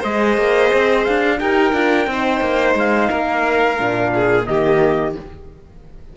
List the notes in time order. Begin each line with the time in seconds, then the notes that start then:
0.00 G#3 G#4 C5 D#5
0.38 A#3
0.73 C4
1.05 D4 F5
1.40 D#4 G4 A#4 G5
1.73 D4 F4
2.07 C4 D#4 C5
2.41 A#3
2.75 G#3 F5
3.10 A#3 A#4
3.78 A#2 D4
4.15 G#4
4.46 D#3 A#3 G4 D#5